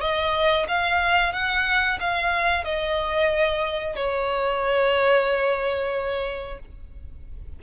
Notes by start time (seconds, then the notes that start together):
0.00 D#5
0.68 F5
1.32 F#5
2.00 F5
2.64 D#5
3.95 C#5